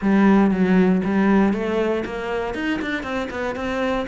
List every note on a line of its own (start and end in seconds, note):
0.01 0.50 G3
0.50 1.01 F#3
1.04 1.53 G3
1.53 2.04 A3
2.05 2.54 A#3
2.54 2.80 D#4
2.81 3.03 D4
3.03 3.28 C4
3.30 3.55 B3
3.55 4.06 C4